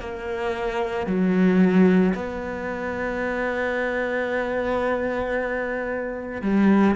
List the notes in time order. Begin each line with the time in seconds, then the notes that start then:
0.00 A#3
1.07 F#3
2.15 B3
6.42 G3